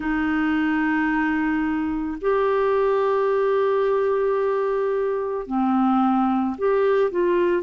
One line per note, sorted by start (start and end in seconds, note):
0.00 2.17 D#4
2.21 5.46 G4
5.46 6.56 C4
6.58 7.11 G4
7.11 7.62 F4